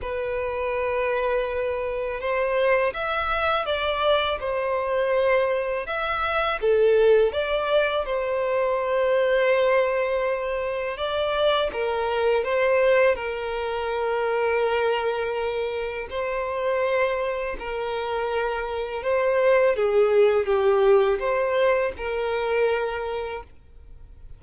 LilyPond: \new Staff \with { instrumentName = "violin" } { \time 4/4 \tempo 4 = 82 b'2. c''4 | e''4 d''4 c''2 | e''4 a'4 d''4 c''4~ | c''2. d''4 |
ais'4 c''4 ais'2~ | ais'2 c''2 | ais'2 c''4 gis'4 | g'4 c''4 ais'2 | }